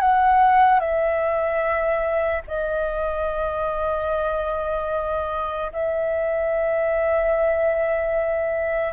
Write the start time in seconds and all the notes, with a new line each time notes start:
0.00 F#5
0.80 E5
2.47 D#5
5.73 E5